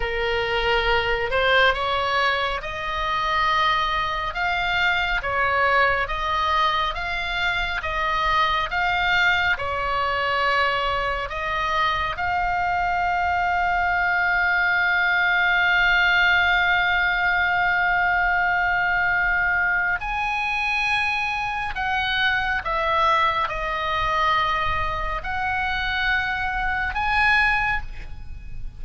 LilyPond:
\new Staff \with { instrumentName = "oboe" } { \time 4/4 \tempo 4 = 69 ais'4. c''8 cis''4 dis''4~ | dis''4 f''4 cis''4 dis''4 | f''4 dis''4 f''4 cis''4~ | cis''4 dis''4 f''2~ |
f''1~ | f''2. gis''4~ | gis''4 fis''4 e''4 dis''4~ | dis''4 fis''2 gis''4 | }